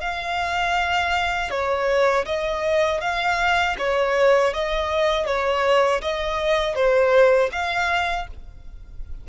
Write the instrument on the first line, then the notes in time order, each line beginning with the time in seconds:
violin
0.00 F5
1.50 C#5
2.25 D#5
3.01 F5
3.78 C#5
4.53 D#5
5.26 C#5
6.01 D#5
6.75 C5
7.52 F5